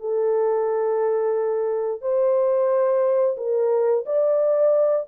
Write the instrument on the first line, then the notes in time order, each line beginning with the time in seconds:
horn
0.00 A4
2.02 C5
3.37 A#4
4.06 D5